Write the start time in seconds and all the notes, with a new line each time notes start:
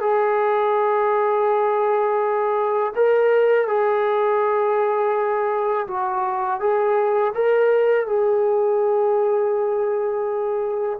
0.00 G#4
2.95 A#4
3.67 G#4
5.87 F#4
6.60 G#4
7.34 A#4
8.07 G#4